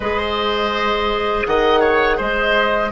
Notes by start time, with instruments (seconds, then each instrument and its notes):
0.00 bassoon G#3, clarinet G#4, oboe C5, flute D#5
1.46 bassoon D#3, oboe D#5, flute F#5
1.80 oboe C#5
2.17 bassoon G#3, oboe C5, flute D#5